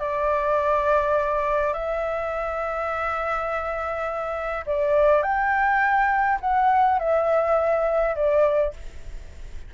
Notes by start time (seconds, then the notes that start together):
0.00 D5
1.74 E5
4.67 D5
5.23 G5
6.41 F#5
6.99 E5
8.16 D5